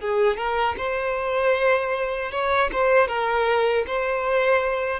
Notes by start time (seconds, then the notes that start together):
0.00 G#4
0.37 A#4
0.77 C5
2.31 C#5
2.72 C5
3.08 A#4
3.87 C5